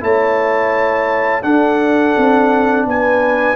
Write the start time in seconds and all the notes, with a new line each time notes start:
0.00 A3 E4 C#5 A5
1.42 D4 A4 F#5
2.17 C4
2.85 B3 B4 G#5